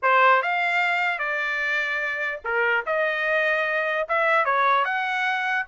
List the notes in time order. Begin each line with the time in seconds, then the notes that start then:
0.02 C5
0.42 F5
1.18 D5
2.44 A#4
2.86 D#5
4.08 E5
4.45 C#5
4.84 F#5